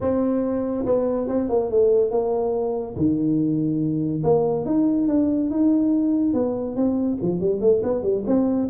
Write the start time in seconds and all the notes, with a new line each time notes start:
0.00 C4
0.85 B3
1.28 C4
1.49 A#3
1.70 A3
2.10 A#3
2.96 D#3
4.23 A#3
4.65 D#4
5.08 D4
5.50 D#4
6.33 B3
6.75 C4
7.21 F3
7.40 G3
7.60 A3
7.83 B3
8.03 G3
8.26 C4